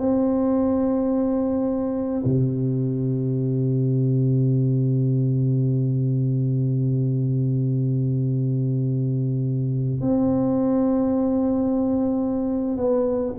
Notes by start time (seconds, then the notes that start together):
0.00 C4
2.25 C3
10.02 C4
12.78 B3